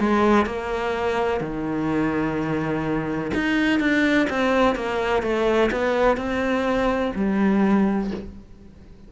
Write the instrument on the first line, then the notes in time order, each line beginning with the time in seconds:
cello
0.00 G#3
0.46 A#3
1.41 D#3
3.34 D#4
3.80 D4
4.30 C4
4.75 A#3
5.23 A3
5.71 B3
6.17 C4
7.15 G3